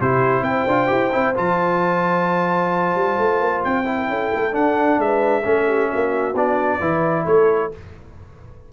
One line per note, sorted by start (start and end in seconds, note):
0.00 0.41 C3
0.00 0.68 E4
0.00 0.44 G4
0.00 0.43 C5
0.41 0.64 C4
0.41 3.96 C5
0.41 1.34 G5
0.66 0.89 D4
0.66 0.87 F4
0.87 1.13 E4
0.87 1.09 G4
1.11 1.37 C4
1.11 1.34 E4
1.35 2.95 F3
1.35 3.84 F4
1.35 3.64 A5
2.95 3.17 G3
3.18 3.40 A3
3.40 3.63 A#3
3.64 4.08 C4
3.64 4.54 G5
3.84 4.51 E4
3.96 4.07 A#4
4.08 4.30 C#4
4.08 5.00 A4
4.33 4.55 A3
4.51 5.42 D4
4.51 4.97 D4
4.51 5.00 F#5
4.97 5.43 G#3
4.97 5.43 B4
4.97 6.36 E5
5.43 5.91 A3
5.43 6.34 C#4
5.43 5.65 A4
5.67 5.89 G4
5.90 6.33 A#3
5.90 6.79 F#4
6.33 6.79 B3
6.33 6.80 D4
6.33 7.26 D5
6.79 7.25 E3
6.79 7.71 E4
6.79 7.24 B4
7.24 7.72 A3
7.24 7.69 A4
7.24 7.71 C#5